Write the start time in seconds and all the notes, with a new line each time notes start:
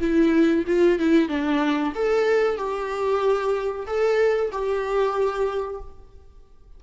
0.00 E4
0.67 F4
0.99 E4
1.29 D4
1.95 A4
2.57 G4
3.87 A4
4.52 G4